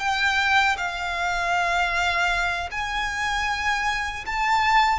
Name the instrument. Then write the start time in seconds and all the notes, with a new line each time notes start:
violin
0.00 G5
0.77 F5
2.72 G#5
4.26 A5